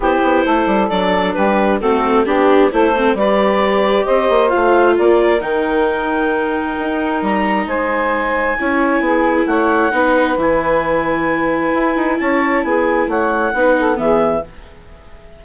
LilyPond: <<
  \new Staff \with { instrumentName = "clarinet" } { \time 4/4 \tempo 4 = 133 c''2 d''4 b'4 | a'4 g'4 c''4 d''4~ | d''4 dis''4 f''4 d''4 | g''1 |
ais''4 gis''2.~ | gis''4 fis''2 gis''4~ | gis''2. a''4 | gis''4 fis''2 e''4 | }
  \new Staff \with { instrumentName = "saxophone" } { \time 4/4 g'4 a'2 g'4 | fis'4 g'4 a'4 b'4~ | b'4 c''2 ais'4~ | ais'1~ |
ais'4 c''2 cis''4 | gis'4 cis''4 b'2~ | b'2. cis''4 | gis'4 cis''4 b'8 a'8 gis'4 | }
  \new Staff \with { instrumentName = "viola" } { \time 4/4 e'2 d'2 | c'4 d'4 e'8 c'8 g'4~ | g'2 f'2 | dis'1~ |
dis'2. e'4~ | e'2 dis'4 e'4~ | e'1~ | e'2 dis'4 b4 | }
  \new Staff \with { instrumentName = "bassoon" } { \time 4/4 c'8 b8 a8 g8 fis4 g4 | a4 b4 a4 g4~ | g4 c'8 ais8 a4 ais4 | dis2. dis'4 |
g4 gis2 cis'4 | b4 a4 b4 e4~ | e2 e'8 dis'8 cis'4 | b4 a4 b4 e4 | }
>>